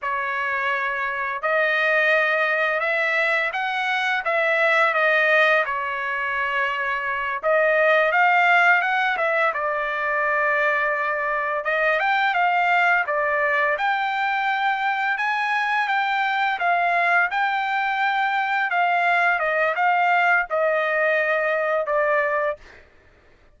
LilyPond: \new Staff \with { instrumentName = "trumpet" } { \time 4/4 \tempo 4 = 85 cis''2 dis''2 | e''4 fis''4 e''4 dis''4 | cis''2~ cis''8 dis''4 f''8~ | f''8 fis''8 e''8 d''2~ d''8~ |
d''8 dis''8 g''8 f''4 d''4 g''8~ | g''4. gis''4 g''4 f''8~ | f''8 g''2 f''4 dis''8 | f''4 dis''2 d''4 | }